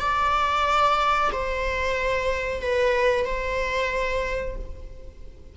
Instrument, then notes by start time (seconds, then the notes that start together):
viola
0.00 D5
1.32 C5
2.61 B4
3.25 C5